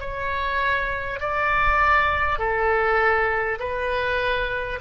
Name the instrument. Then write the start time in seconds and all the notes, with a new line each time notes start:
oboe
0.00 C#5
1.19 D5
2.39 A4
3.59 B4